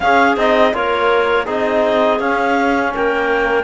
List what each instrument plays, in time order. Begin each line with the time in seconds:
0.00 cello C#4, trombone C#4, clarinet G#4 F5
0.36 cello C4, trombone D#4, clarinet D#5
0.73 cello A#3, trombone F4, clarinet A#4 C#5
1.45 cello C4, trombone D#4, clarinet G#4 D#5
2.19 cello C#4, trombone C#4, clarinet F5
2.94 cello A#3, clarinet A#4 G5